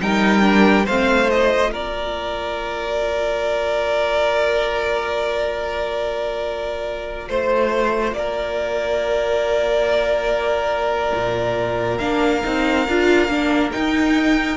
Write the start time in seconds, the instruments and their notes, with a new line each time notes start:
0.00 cello G3, viola D#4, violin A#4 G5
0.42 viola D4
0.85 cello A3, viola C4, violin C5 F5
1.27 viola F4, violin D#5
1.71 cello A#3, violin A#4 D5
7.28 cello A3, violin C5
8.12 cello A#3, violin A#4 D5
11.14 cello A#2
11.98 cello A#3, viola D4, violin F5
12.43 cello C4, viola D#4
12.87 cello D4, viola F4
13.28 cello A#3, viola D4
13.72 viola D#4, cello D#4, violin G5